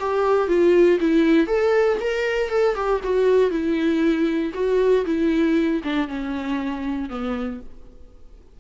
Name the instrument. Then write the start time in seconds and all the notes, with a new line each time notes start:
viola
0.00 G4
0.48 F4
1.00 E4
1.47 A4
2.00 A#4
2.50 A4
2.75 G4
3.04 F#4
3.50 E4
4.54 F#4
5.05 E4
5.84 D4
6.08 C#4
7.10 B3